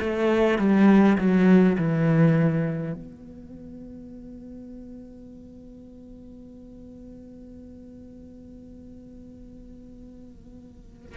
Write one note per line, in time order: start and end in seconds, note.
0.00 0.58 A3
0.58 1.17 G3
1.18 1.76 F#3
1.78 2.93 E3
2.93 11.17 B3